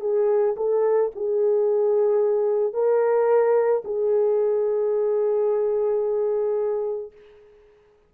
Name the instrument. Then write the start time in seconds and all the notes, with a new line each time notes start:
horn
0.00 G#4
0.57 A4
1.15 G#4
2.73 A#4
3.84 G#4